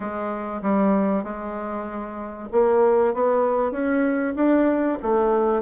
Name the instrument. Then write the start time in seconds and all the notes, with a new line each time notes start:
bassoon
0.00 G#3
0.61 G3
1.23 G#3
2.52 A#3
3.13 B3
3.71 C#4
4.35 D4
5.02 A3